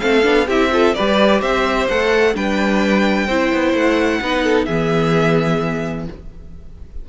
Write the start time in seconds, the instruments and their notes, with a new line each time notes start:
0.00 cello A3, viola C4, violin A4 F5
0.22 cello B3, viola D4
0.47 cello C4, viola E4, violin G4 E5
0.71 viola F4, violin A4
0.94 cello G3, viola G4, violin B4 D5
1.41 cello C4, violin C5 E5
1.89 cello A3, viola A4, violin F#5
2.34 cello G3, viola D4, violin B4 G5
3.26 cello C4, viola E4, violin C5
3.52 cello B3
3.73 cello A3, violin F#5
4.21 cello B3, viola D#4, violin B4
4.44 violin A4
4.65 cello E3, viola B3, violin G#4 E5